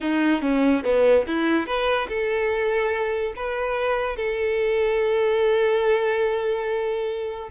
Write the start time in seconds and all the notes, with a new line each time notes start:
0.00 D#4
0.41 C#4
0.84 B3
1.27 E4
1.66 B4
2.08 A4
3.35 B4
4.16 A4